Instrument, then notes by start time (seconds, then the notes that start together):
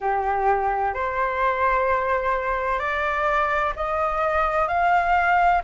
flute
0.00 G4
0.94 C5
2.79 D5
3.76 D#5
4.68 F5